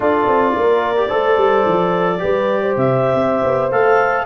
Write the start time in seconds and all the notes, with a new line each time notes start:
0.00 D4 F4 A4 D5
0.27 C4
0.55 A#3 A#4
0.96 G4
1.07 A3 A4 C5
1.37 G3
1.66 F3
2.18 G3 G4 B4
2.62 C5
2.76 C3 E5
3.14 C4
3.43 B3
3.71 A3 A4 F5